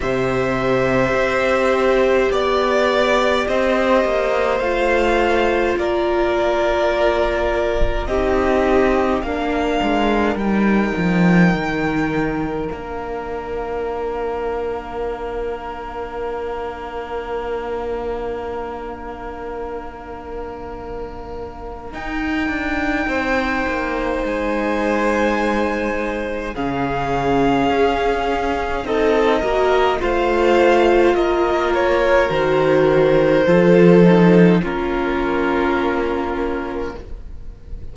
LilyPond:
<<
  \new Staff \with { instrumentName = "violin" } { \time 4/4 \tempo 4 = 52 e''2 d''4 dis''4 | f''4 d''2 dis''4 | f''4 g''2 f''4~ | f''1~ |
f''2. g''4~ | g''4 gis''2 f''4~ | f''4 dis''4 f''4 dis''8 cis''8 | c''2 ais'2 | }
  \new Staff \with { instrumentName = "violin" } { \time 4/4 c''2 d''4 c''4~ | c''4 ais'2 g'4 | ais'1~ | ais'1~ |
ais'1 | c''2. gis'4~ | gis'4 a'8 ais'8 c''4 ais'4~ | ais'4 a'4 f'2 | }
  \new Staff \with { instrumentName = "viola" } { \time 4/4 g'1 | f'2. dis'4 | d'4 dis'2 d'4~ | d'1~ |
d'2. dis'4~ | dis'2. cis'4~ | cis'4 dis'8 fis'8 f'2 | fis'4 f'8 dis'8 cis'2 | }
  \new Staff \with { instrumentName = "cello" } { \time 4/4 c4 c'4 b4 c'8 ais8 | a4 ais2 c'4 | ais8 gis8 g8 f8 dis4 ais4~ | ais1~ |
ais2. dis'8 d'8 | c'8 ais8 gis2 cis4 | cis'4 c'8 ais8 a4 ais4 | dis4 f4 ais2 | }
>>